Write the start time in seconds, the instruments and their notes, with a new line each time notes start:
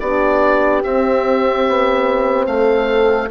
0.00 bassoon B3, horn D4 G4, oboe D5
0.83 horn C4, bassoon C4, oboe E5
1.68 bassoon B3
2.46 bassoon A3, horn A4, oboe F5